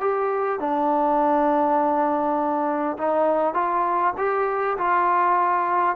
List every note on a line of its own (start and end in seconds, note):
0.00 0.59 G4
0.59 2.97 D4
2.97 3.54 D#4
3.54 4.13 F4
4.17 4.77 G4
4.77 5.96 F4